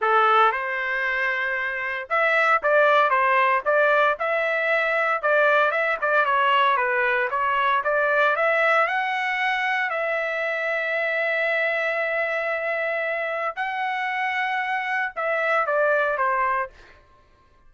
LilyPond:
\new Staff \with { instrumentName = "trumpet" } { \time 4/4 \tempo 4 = 115 a'4 c''2. | e''4 d''4 c''4 d''4 | e''2 d''4 e''8 d''8 | cis''4 b'4 cis''4 d''4 |
e''4 fis''2 e''4~ | e''1~ | e''2 fis''2~ | fis''4 e''4 d''4 c''4 | }